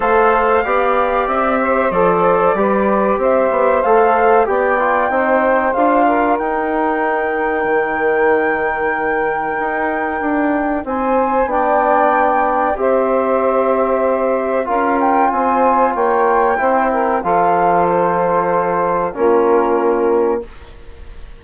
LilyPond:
<<
  \new Staff \with { instrumentName = "flute" } { \time 4/4 \tempo 4 = 94 f''2 e''4 d''4~ | d''4 e''4 f''4 g''4~ | g''4 f''4 g''2~ | g''1~ |
g''4 gis''4 g''2 | e''2. f''8 g''8 | gis''4 g''2 f''4 | c''2 ais'2 | }
  \new Staff \with { instrumentName = "saxophone" } { \time 4/4 c''4 d''4. c''4. | b'4 c''2 d''4 | c''4. ais'2~ ais'8~ | ais'1~ |
ais'4 c''4 d''2 | c''2. ais'4 | c''4 cis''4 c''8 ais'8 a'4~ | a'2 f'2 | }
  \new Staff \with { instrumentName = "trombone" } { \time 4/4 a'4 g'2 a'4 | g'2 a'4 g'8 f'8 | dis'4 f'4 dis'2~ | dis'1~ |
dis'2 d'2 | g'2. f'4~ | f'2 e'4 f'4~ | f'2 cis'2 | }
  \new Staff \with { instrumentName = "bassoon" } { \time 4/4 a4 b4 c'4 f4 | g4 c'8 b8 a4 b4 | c'4 d'4 dis'2 | dis2. dis'4 |
d'4 c'4 b2 | c'2. cis'4 | c'4 ais4 c'4 f4~ | f2 ais2 | }
>>